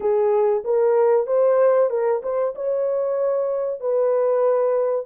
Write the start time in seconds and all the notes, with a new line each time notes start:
0.00 G#4
0.64 A#4
1.27 C5
1.90 A#4
2.22 C5
2.55 C#5
3.80 B4